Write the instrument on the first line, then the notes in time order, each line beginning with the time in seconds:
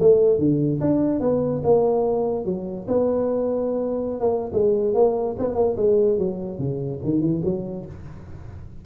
tuba
0.00 A3
0.39 D3
0.81 D4
1.21 B3
1.64 A#3
2.45 F#3
2.88 B3
4.20 A#3
4.53 G#3
4.95 A#3
5.39 B3
5.56 A#3
5.77 G#3
6.18 F#3
6.59 C#3
7.04 D#3
7.21 E3
7.45 F#3